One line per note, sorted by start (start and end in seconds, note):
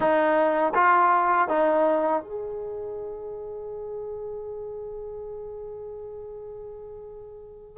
0.00 0.73 D#4
0.74 1.48 F4
1.48 2.22 D#4
2.22 7.77 G#4